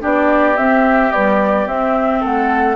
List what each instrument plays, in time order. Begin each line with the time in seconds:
0.00 bassoon B3, clarinet D4, oboe G4, flute D5
0.57 clarinet C4, bassoon C4, flute E5
1.12 clarinet G3, bassoon B3, flute D5
1.67 clarinet C4, bassoon C4, flute E5
2.21 bassoon A3, oboe A4, flute F#5